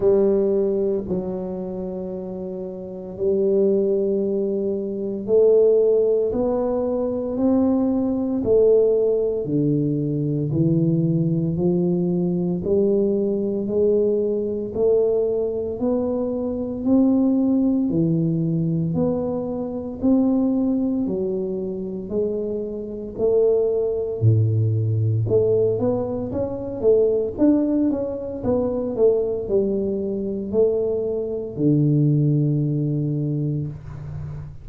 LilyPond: \new Staff \with { instrumentName = "tuba" } { \time 4/4 \tempo 4 = 57 g4 fis2 g4~ | g4 a4 b4 c'4 | a4 d4 e4 f4 | g4 gis4 a4 b4 |
c'4 e4 b4 c'4 | fis4 gis4 a4 a,4 | a8 b8 cis'8 a8 d'8 cis'8 b8 a8 | g4 a4 d2 | }